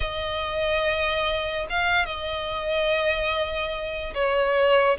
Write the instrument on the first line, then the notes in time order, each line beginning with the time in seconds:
violin
0.00 D#5
1.69 F5
2.05 D#5
4.14 C#5